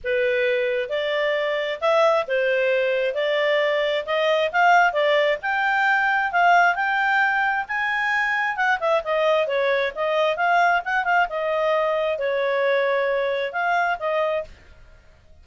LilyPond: \new Staff \with { instrumentName = "clarinet" } { \time 4/4 \tempo 4 = 133 b'2 d''2 | e''4 c''2 d''4~ | d''4 dis''4 f''4 d''4 | g''2 f''4 g''4~ |
g''4 gis''2 fis''8 e''8 | dis''4 cis''4 dis''4 f''4 | fis''8 f''8 dis''2 cis''4~ | cis''2 f''4 dis''4 | }